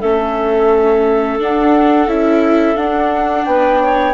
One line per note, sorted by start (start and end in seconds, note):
0.00 1.41 A3
0.00 1.39 C#4
0.00 3.45 A4
0.00 1.39 E5
1.39 2.08 D4
1.39 2.07 D4
1.39 2.08 F#5
2.07 2.76 C#4
2.07 2.76 E4
2.07 2.77 E5
2.76 4.14 D4
2.76 3.46 D4
2.76 3.45 F#5
3.45 4.14 B3
3.45 3.80 B4
3.45 4.14 G5
3.81 4.14 C#5